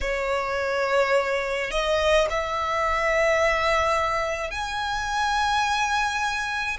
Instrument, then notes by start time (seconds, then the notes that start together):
violin
0.01 C#5
1.70 D#5
2.30 E5
4.50 G#5